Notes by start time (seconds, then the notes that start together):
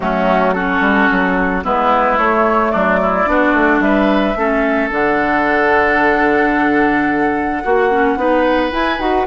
0.00 F#3 A3 C#4 F#4
0.52 C#4 F#4 A4
0.80 G3
1.11 F#3
1.64 G#3 B3 E4 B4
2.17 A3 C#5
2.70 F#3 D4 D5
3.02 E4
3.25 B3 D4 F#4
3.53 A3
3.80 G3 B4 E5
4.35 A3 C#4 A4
4.90 D3 D4 F#5
7.63 A#3 F#4
7.90 C#4
8.16 B3 D#4 B4
8.70 E4 G#5
8.98 D#4 F#4 F#5